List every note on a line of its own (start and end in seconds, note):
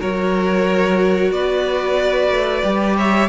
0.00 1.31 F#3
0.00 2.64 F#4
0.00 1.32 A#4
0.00 1.32 C#5
1.31 2.30 B3
1.31 2.97 B4
1.31 2.97 D5
2.30 2.63 A3
2.64 3.29 G3
2.64 3.29 G4
2.97 3.29 C#5
2.97 3.29 E5